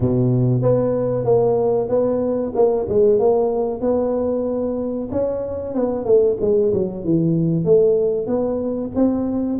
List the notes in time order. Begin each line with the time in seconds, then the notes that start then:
0.00 B2
0.62 B3
1.24 A#3
1.89 B3
2.55 A#3
2.89 G#3
3.19 A#3
3.81 B3
5.11 C#4
5.74 B3
6.05 A3
6.41 G#3
6.73 F#3
7.04 E3
7.65 A3
8.27 B3
8.95 C4